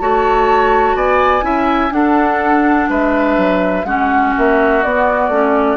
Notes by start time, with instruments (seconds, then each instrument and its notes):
0.00 bassoon A3, clarinet F#4, oboe C#5, flute A5
0.95 bassoon B3, oboe D5, flute G#5
1.42 bassoon C#4, clarinet E4, oboe E5
1.91 bassoon D4, clarinet D4, oboe A4, flute F#5
2.89 bassoon G#3, oboe B4, flute E5
3.37 bassoon F#3
3.84 bassoon G#3, clarinet C#4, oboe F#4, flute F#5
4.38 bassoon A#3, flute E5
4.84 bassoon B3, clarinet B3, flute D5
5.29 bassoon A3, clarinet C#4